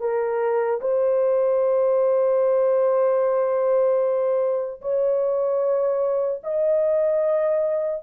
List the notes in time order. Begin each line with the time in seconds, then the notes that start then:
0.00 A#4
0.81 C5
4.81 C#5
6.43 D#5